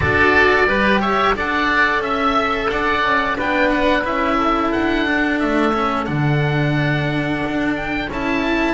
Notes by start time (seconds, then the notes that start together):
0.00 D4 F#4 A4 D5
0.66 G3 G4 B4
1.01 C#5 E5
1.34 D4 A4 D5 F#5
1.99 C#4 E5
2.69 D4 D5 F#5
3.03 C#4
3.35 B3 D4 B4 G5
3.70 F#5
4.04 C#4 E4 E5
4.37 A4
4.72 D4 F#5
5.05 D4
5.39 A3 E5
5.73 C#4
6.05 D3 D4 F#5
7.46 D4
7.75 G5
8.08 C#4 E4 A5